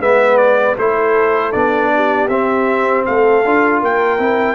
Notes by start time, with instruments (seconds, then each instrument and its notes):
0.00 tuba G#3, trombone B3, horn B4, trumpet E5
0.38 trumpet D5
0.78 tuba A3, trombone E4, horn A4, trumpet C5
1.53 tuba B3, trombone D4, trumpet D5
1.96 horn G4
2.29 tuba C4, trombone C4, trumpet E5
3.06 tuba A3, horn A4, trumpet F5
3.45 tuba D4, trombone F4
3.81 tuba A#3, horn A#4, trumpet G5
4.19 tuba C4, trombone E4